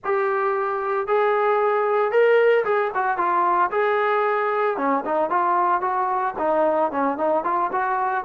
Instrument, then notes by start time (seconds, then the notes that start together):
trombone
0.04 G4
1.07 G#4
2.11 A#4
2.64 G#4
2.94 F#4
3.17 F4
3.71 G#4
4.77 C#4
5.05 D#4
5.30 F4
5.81 F#4
6.38 D#4
6.91 C#4
7.17 D#4
7.44 F4
7.71 F#4